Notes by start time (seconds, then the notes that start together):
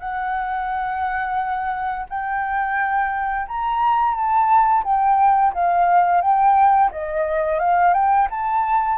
0.00 F#5
2.10 G5
3.49 A#5
4.15 A5
4.84 G5
5.54 F5
6.22 G5
6.92 D#5
7.60 F5
7.94 G5
8.31 A5